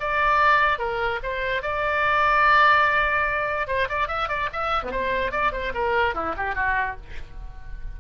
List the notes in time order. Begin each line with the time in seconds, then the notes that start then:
0.00 D5
0.78 A#4
1.23 C5
1.62 D5
3.67 C5
3.89 D5
4.08 E5
4.28 D5
4.53 E5
4.83 B3
4.91 C5
5.31 D5
5.52 C5
5.74 A#4
6.14 E4
6.37 G4
6.55 F#4